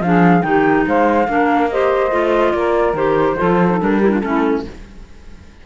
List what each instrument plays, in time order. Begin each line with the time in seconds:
0.00 cello F3, clarinet D4, saxophone G#4, flute F5
0.41 cello D#3, clarinet D#4, saxophone G4, flute G5
0.87 cello G#3, saxophone C5, flute F5
1.27 cello A#3, clarinet D4, saxophone A#4
1.70 clarinet G4, saxophone C5, flute D#5
2.10 cello A3, clarinet F4
2.52 cello A#3, saxophone A#4, flute D5
2.93 cello D#3, clarinet G4, flute C5
3.37 cello F3, clarinet F4, saxophone A4
3.69 clarinet D#4
3.80 cello G3, clarinet D4, flute A#4
4.00 clarinet E4, saxophone G4
4.10 clarinet D4, saxophone F4
4.20 cello A3, clarinet C#4, saxophone E4, flute A4